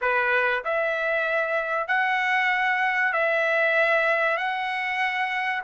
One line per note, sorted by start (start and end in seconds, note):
0.01 0.63 B4
0.64 1.88 E5
1.88 3.12 F#5
3.12 4.37 E5
4.37 5.62 F#5